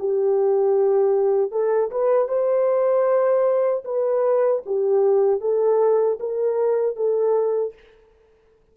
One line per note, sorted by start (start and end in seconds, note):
0.00 1.52 G4
1.52 1.91 A4
1.91 2.28 B4
2.28 3.84 C5
3.85 4.63 B4
4.66 5.41 G4
5.41 6.19 A4
6.20 6.96 A#4
6.96 7.74 A4